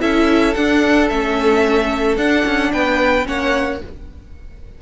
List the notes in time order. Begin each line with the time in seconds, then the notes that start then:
0.00 C#4 E4 A4 E5
0.55 D4 F#5
1.09 A3 C#4 E5
2.17 D4 F#5
2.45 C#4
2.73 B3 B4 G5
3.24 A#3 C#4 C#5 F#5